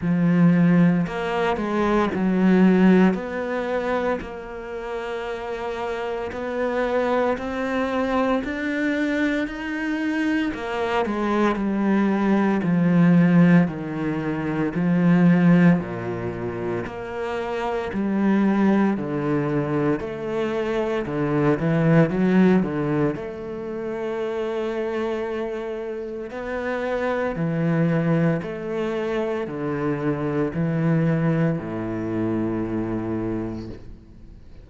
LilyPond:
\new Staff \with { instrumentName = "cello" } { \time 4/4 \tempo 4 = 57 f4 ais8 gis8 fis4 b4 | ais2 b4 c'4 | d'4 dis'4 ais8 gis8 g4 | f4 dis4 f4 ais,4 |
ais4 g4 d4 a4 | d8 e8 fis8 d8 a2~ | a4 b4 e4 a4 | d4 e4 a,2 | }